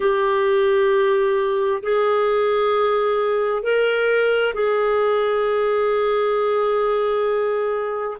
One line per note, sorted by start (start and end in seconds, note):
0.00 1.82 G4
1.82 3.62 G#4
3.62 4.53 A#4
4.53 8.17 G#4